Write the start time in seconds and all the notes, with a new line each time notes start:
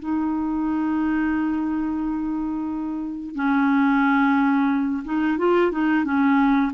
0.00 D#4
3.35 C#4
5.05 D#4
5.38 F4
5.72 D#4
6.05 C#4